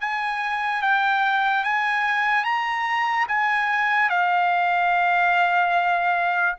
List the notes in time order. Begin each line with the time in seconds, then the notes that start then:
0.00 G#5
0.81 G5
1.64 G#5
2.44 A#5
3.28 G#5
4.09 F5